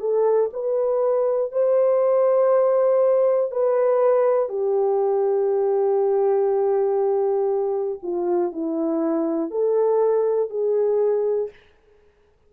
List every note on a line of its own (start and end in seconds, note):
0.00 0.50 A4
0.53 1.52 B4
1.52 3.52 C5
3.52 4.50 B4
4.50 7.99 G4
8.03 8.52 F4
8.52 9.51 E4
9.51 10.50 A4
10.50 11.50 G#4